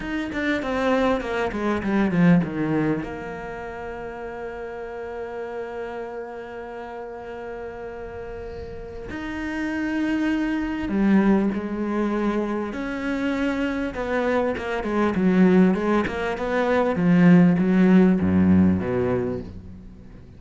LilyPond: \new Staff \with { instrumentName = "cello" } { \time 4/4 \tempo 4 = 99 dis'8 d'8 c'4 ais8 gis8 g8 f8 | dis4 ais2.~ | ais1~ | ais2. dis'4~ |
dis'2 g4 gis4~ | gis4 cis'2 b4 | ais8 gis8 fis4 gis8 ais8 b4 | f4 fis4 fis,4 b,4 | }